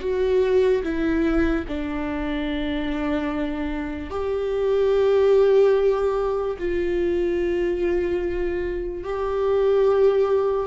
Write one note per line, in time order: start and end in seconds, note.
0.00 0.82 F#4
0.83 1.65 E4
1.67 4.10 D4
4.10 6.56 G4
6.58 9.03 F4
9.03 10.67 G4